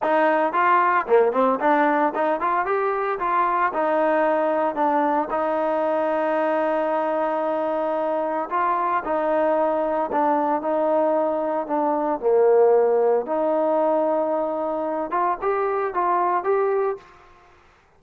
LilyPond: \new Staff \with { instrumentName = "trombone" } { \time 4/4 \tempo 4 = 113 dis'4 f'4 ais8 c'8 d'4 | dis'8 f'8 g'4 f'4 dis'4~ | dis'4 d'4 dis'2~ | dis'1 |
f'4 dis'2 d'4 | dis'2 d'4 ais4~ | ais4 dis'2.~ | dis'8 f'8 g'4 f'4 g'4 | }